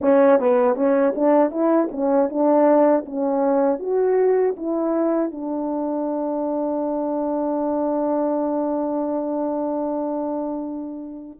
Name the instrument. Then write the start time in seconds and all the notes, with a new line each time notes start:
horn
0.01 C#4
0.39 B3
0.75 C#4
1.15 D4
1.51 E4
1.91 C#4
2.29 D4
3.05 C#4
3.79 F#4
4.56 E4
5.31 D4